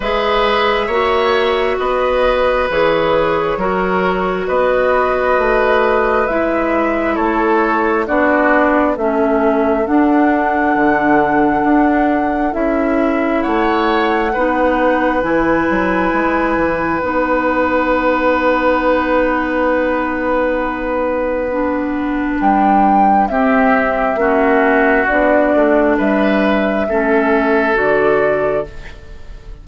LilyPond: <<
  \new Staff \with { instrumentName = "flute" } { \time 4/4 \tempo 4 = 67 e''2 dis''4 cis''4~ | cis''4 dis''2 e''4 | cis''4 d''4 e''4 fis''4~ | fis''2 e''4 fis''4~ |
fis''4 gis''2 fis''4~ | fis''1~ | fis''4 g''4 e''2 | d''4 e''2 d''4 | }
  \new Staff \with { instrumentName = "oboe" } { \time 4/4 b'4 cis''4 b'2 | ais'4 b'2. | a'4 fis'4 a'2~ | a'2. cis''4 |
b'1~ | b'1~ | b'2 g'4 fis'4~ | fis'4 b'4 a'2 | }
  \new Staff \with { instrumentName = "clarinet" } { \time 4/4 gis'4 fis'2 gis'4 | fis'2. e'4~ | e'4 d'4 cis'4 d'4~ | d'2 e'2 |
dis'4 e'2 dis'4~ | dis'1 | d'2 c'4 cis'4 | d'2 cis'4 fis'4 | }
  \new Staff \with { instrumentName = "bassoon" } { \time 4/4 gis4 ais4 b4 e4 | fis4 b4 a4 gis4 | a4 b4 a4 d'4 | d4 d'4 cis'4 a4 |
b4 e8 fis8 gis8 e8 b4~ | b1~ | b4 g4 c'4 ais4 | b8 a8 g4 a4 d4 | }
>>